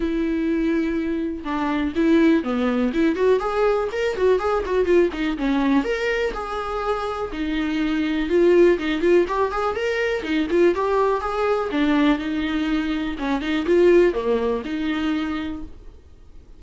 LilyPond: \new Staff \with { instrumentName = "viola" } { \time 4/4 \tempo 4 = 123 e'2. d'4 | e'4 b4 e'8 fis'8 gis'4 | ais'8 fis'8 gis'8 fis'8 f'8 dis'8 cis'4 | ais'4 gis'2 dis'4~ |
dis'4 f'4 dis'8 f'8 g'8 gis'8 | ais'4 dis'8 f'8 g'4 gis'4 | d'4 dis'2 cis'8 dis'8 | f'4 ais4 dis'2 | }